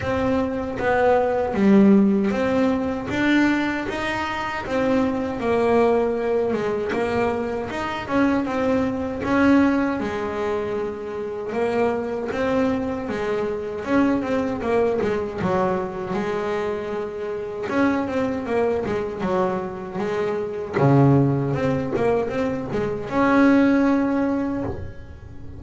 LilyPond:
\new Staff \with { instrumentName = "double bass" } { \time 4/4 \tempo 4 = 78 c'4 b4 g4 c'4 | d'4 dis'4 c'4 ais4~ | ais8 gis8 ais4 dis'8 cis'8 c'4 | cis'4 gis2 ais4 |
c'4 gis4 cis'8 c'8 ais8 gis8 | fis4 gis2 cis'8 c'8 | ais8 gis8 fis4 gis4 cis4 | c'8 ais8 c'8 gis8 cis'2 | }